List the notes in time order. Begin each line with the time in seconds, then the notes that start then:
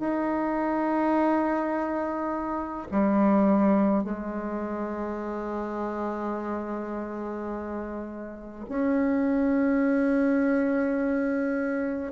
0.00 D#4
2.92 G3
4.04 G#3
8.69 C#4